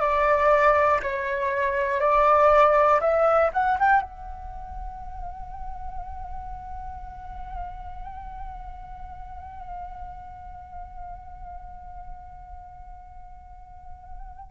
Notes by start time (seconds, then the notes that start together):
0.00 D5
1.02 C#5
2.00 D5
3.00 E5
3.53 F#5
3.79 G5
4.02 F#5